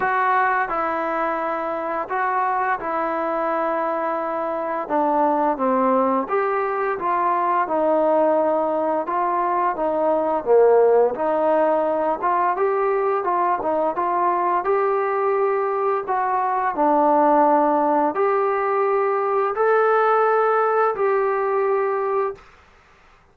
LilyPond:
\new Staff \with { instrumentName = "trombone" } { \time 4/4 \tempo 4 = 86 fis'4 e'2 fis'4 | e'2. d'4 | c'4 g'4 f'4 dis'4~ | dis'4 f'4 dis'4 ais4 |
dis'4. f'8 g'4 f'8 dis'8 | f'4 g'2 fis'4 | d'2 g'2 | a'2 g'2 | }